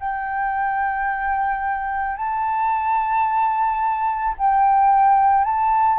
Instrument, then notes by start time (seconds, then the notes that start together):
flute
0.00 G5
2.17 A5
4.38 G5
5.44 A5